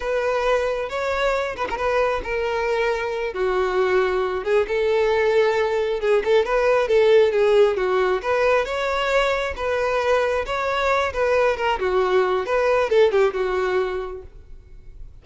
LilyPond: \new Staff \with { instrumentName = "violin" } { \time 4/4 \tempo 4 = 135 b'2 cis''4. b'16 ais'16 | b'4 ais'2~ ais'8 fis'8~ | fis'2 gis'8 a'4.~ | a'4. gis'8 a'8 b'4 a'8~ |
a'8 gis'4 fis'4 b'4 cis''8~ | cis''4. b'2 cis''8~ | cis''4 b'4 ais'8 fis'4. | b'4 a'8 g'8 fis'2 | }